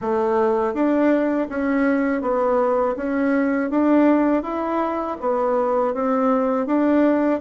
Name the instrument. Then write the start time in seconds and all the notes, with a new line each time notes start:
bassoon
0.01 A3
0.73 D4
1.49 C#4
2.21 B3
2.96 C#4
3.70 D4
4.42 E4
5.20 B3
5.94 C4
6.66 D4